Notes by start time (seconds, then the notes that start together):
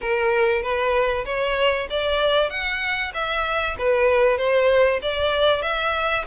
0.01 A#4
0.62 B4
1.25 C#5
1.89 D5
2.49 F#5
3.14 E5
3.78 B4
4.37 C5
5.02 D5
5.62 E5